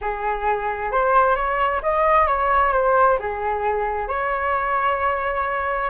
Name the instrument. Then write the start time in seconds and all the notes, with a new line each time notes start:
flute
0.01 G#4
0.91 C5
1.35 C#5
1.82 D#5
2.27 C#5
2.72 C5
3.19 G#4
4.07 C#5